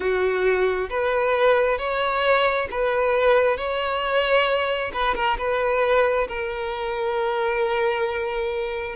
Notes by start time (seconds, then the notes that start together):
0.00 F#4
0.90 B4
1.78 C#5
2.71 B4
3.57 C#5
4.93 B4
5.15 A#4
5.38 B4
6.28 A#4